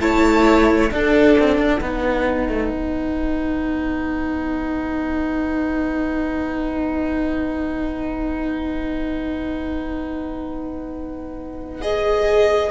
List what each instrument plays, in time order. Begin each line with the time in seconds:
0.00 cello A3, viola E4, violin C#5 A5
0.90 viola D4, cello D4, violin A4 F#5
1.39 cello C4
1.58 cello D4
1.81 cello B3, viola D#4, violin B4
2.49 cello A3
2.70 cello B3
11.81 viola G#4, violin D#5